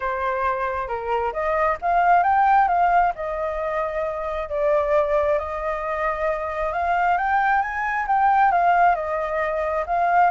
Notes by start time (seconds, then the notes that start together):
0.00 C5
0.87 A#4
1.32 D#5
1.81 F5
2.23 G5
2.68 F5
3.15 D#5
4.49 D5
5.38 D#5
6.72 F5
7.17 G5
7.61 G#5
8.07 G5
8.51 F5
8.95 D#5
9.86 F5